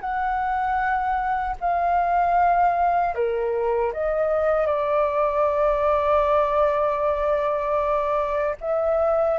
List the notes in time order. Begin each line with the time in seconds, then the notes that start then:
0.00 F#5
1.60 F5
3.15 A#4
3.93 D#5
4.66 D5
8.61 E5